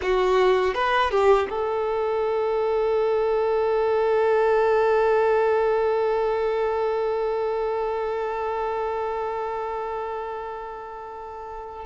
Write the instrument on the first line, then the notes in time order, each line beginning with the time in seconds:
violin
0.02 F#4
0.74 B4
1.10 G4
1.49 A4